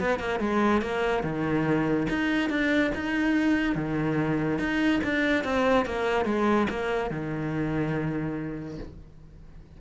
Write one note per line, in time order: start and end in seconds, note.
0.00 0.19 B3
0.19 0.40 A#3
0.40 0.82 G#3
0.82 1.24 A#3
1.24 2.08 D#3
2.10 2.50 D#4
2.50 2.92 D4
2.95 3.76 D#4
3.76 4.59 D#3
4.59 5.01 D#4
5.04 5.44 D4
5.44 5.86 C4
5.86 6.26 A#3
6.26 6.68 G#3
6.70 7.11 A#3
7.11 8.79 D#3